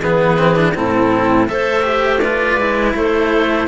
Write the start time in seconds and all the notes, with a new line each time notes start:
0.00 E3 B3 G#4 B4
0.38 C4
0.55 D4
0.75 A2 C4 E4 A4
1.48 A3 A4 C5 E5
1.83 G4
2.19 F4 B4 D5
2.57 G#3 E4
2.95 A3 A4 C5